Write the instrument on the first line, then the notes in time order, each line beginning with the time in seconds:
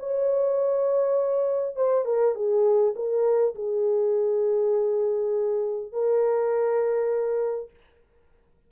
horn
0.00 C#5
1.76 C5
2.06 A#4
2.35 G#4
2.96 A#4
3.56 G#4
5.93 A#4